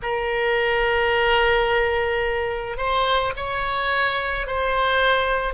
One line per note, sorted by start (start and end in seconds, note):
0.02 2.77 A#4
2.77 3.32 C5
3.36 4.46 C#5
4.46 5.53 C5